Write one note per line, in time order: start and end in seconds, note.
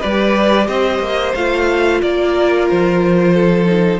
0.00 0.68 G3
0.00 1.36 G4
0.00 0.67 B4
0.00 0.67 D5
0.67 0.99 C4
0.67 2.01 C5
0.67 1.34 D#5
0.99 1.33 A#3
1.35 2.02 A3
1.35 3.66 F4
1.35 2.01 F5
2.02 2.69 A#3
2.02 3.34 A#4
2.02 2.68 D5
2.69 3.99 F3
2.69 3.99 C5
3.34 3.99 A4
3.66 3.99 D#4